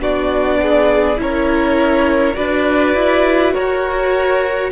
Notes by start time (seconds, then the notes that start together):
0.00 B3 D4 F#4 D5
0.62 G#4
1.17 C#4 E4 A#4 C#5
2.34 D4 F#4 B4 D5
2.94 E4
3.53 F#4 A#4 C#5